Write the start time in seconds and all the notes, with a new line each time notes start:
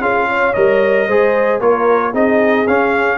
0.00 C#4 F4 G#4 F5
0.28 C#5
0.53 G3 A#4 D#5
1.07 G#3 G#4 C5
1.60 A#3 F4 A#4 C#5
2.11 C4 D#4 G#4 D#5
2.67 C#4 F5